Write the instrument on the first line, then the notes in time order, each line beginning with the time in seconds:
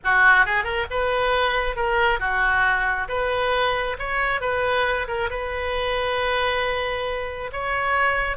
oboe
0.03 F#4
0.45 G#4
0.63 A#4
0.90 B4
1.75 A#4
2.19 F#4
3.08 B4
3.98 C#5
4.41 B4
5.07 A#4
5.30 B4
7.52 C#5